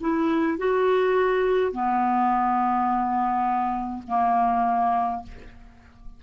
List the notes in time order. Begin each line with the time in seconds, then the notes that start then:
0.00 E4
0.58 F#4
1.72 B3
4.07 A#3